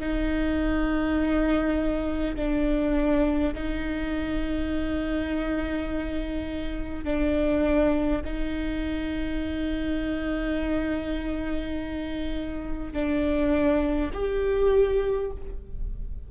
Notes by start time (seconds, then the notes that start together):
0.00 D#4
2.36 D4
3.54 D#4
7.04 D4
8.24 D#4
12.93 D4
14.13 G4